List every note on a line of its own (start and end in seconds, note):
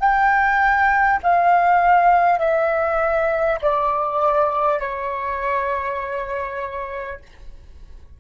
0.00 1.20 G5
1.23 2.39 F5
2.39 3.59 E5
3.62 4.80 D5
4.80 7.20 C#5